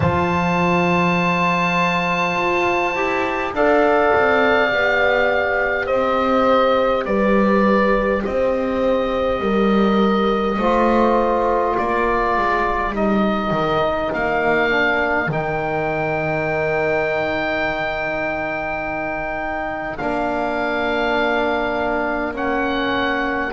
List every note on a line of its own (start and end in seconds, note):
0.00 2.35 F3
0.00 2.95 F4
0.00 3.52 C5
0.00 3.51 A5
2.35 2.94 F4
2.94 3.52 E4
2.94 3.54 G4
3.52 4.11 D4
3.52 4.69 A4
3.52 5.86 D5
3.52 5.86 F5
4.15 4.72 C4
4.69 5.90 B3
4.69 10.57 G4
5.86 7.05 C4
5.86 7.04 C5
5.86 7.04 D#5
7.05 8.23 G3
7.05 8.24 B4
7.05 8.22 D5
8.24 9.40 C4
8.24 9.41 C5
8.24 11.77 D#5
9.40 10.57 G3
9.40 10.59 A#4
10.58 11.75 A3
10.58 12.94 F4
10.58 11.76 C5
11.76 12.37 A#3
11.76 23.52 A#4
11.76 12.94 D5
12.37 12.92 G#3
12.92 13.50 G3
12.92 14.69 D#4
12.92 14.12 D#5
13.50 14.09 D#3
14.13 15.27 A#3
14.13 15.30 F5
14.69 15.28 D4
15.27 19.98 D#3
15.27 19.99 D#4
15.27 19.97 G5
19.97 23.52 A#3
19.97 22.33 D4
19.97 22.32 F5
22.33 23.51 C#4
22.33 23.52 F#5